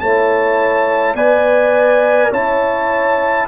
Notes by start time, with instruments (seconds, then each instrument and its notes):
0.00 tuba A3, trombone E4, horn C#5, trumpet A5
1.14 tuba B3, trombone B4, horn D5, trumpet G#5
2.31 tuba C#4, trombone E4, horn C#5, trumpet A5